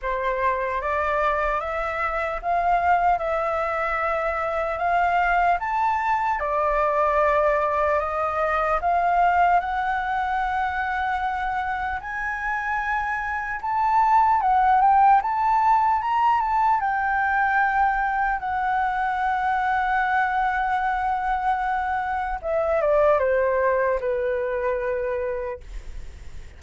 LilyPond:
\new Staff \with { instrumentName = "flute" } { \time 4/4 \tempo 4 = 75 c''4 d''4 e''4 f''4 | e''2 f''4 a''4 | d''2 dis''4 f''4 | fis''2. gis''4~ |
gis''4 a''4 fis''8 g''8 a''4 | ais''8 a''8 g''2 fis''4~ | fis''1 | e''8 d''8 c''4 b'2 | }